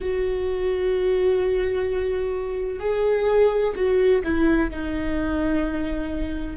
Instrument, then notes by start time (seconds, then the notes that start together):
viola
0.00 F#4
2.79 G#4
3.75 F#4
4.23 E4
4.70 D#4